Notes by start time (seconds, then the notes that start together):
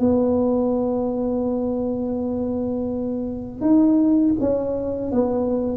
0.00 B3
3.61 D#4
4.40 C#4
5.12 B3